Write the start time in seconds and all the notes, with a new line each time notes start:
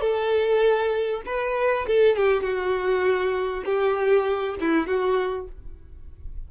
0.00 A4
1.25 B4
1.87 A4
2.16 G4
2.43 F#4
3.65 G4
4.61 E4
4.87 F#4